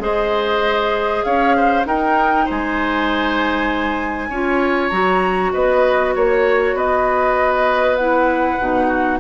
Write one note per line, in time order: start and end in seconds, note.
0.00 1.22 G#3
0.00 1.85 G#4
0.00 1.26 C5
0.00 1.24 D#5
1.24 1.86 C#4
1.24 1.57 C#5
1.24 1.85 F5
1.57 1.87 C5
1.85 4.30 D#4
1.85 2.47 D#4
1.85 2.45 A#4
1.85 2.49 G5
2.45 4.29 G#3
2.45 4.29 C5
2.45 4.90 G#5
4.29 4.91 C#4
4.29 4.92 F4
4.29 5.52 C#5
4.90 5.53 F#3
4.90 7.98 F#4
4.90 5.51 A#5
5.53 6.16 B3
5.53 6.15 B4
5.53 6.14 D#5
6.16 6.74 A#3
6.16 6.76 C#5
6.16 6.77 C#5
6.74 8.58 B3
6.74 8.88 B4
6.74 7.96 D#5
7.96 8.60 E4
7.96 9.19 F#5
8.60 9.21 B2
8.60 9.21 D#4
8.88 9.18 F#4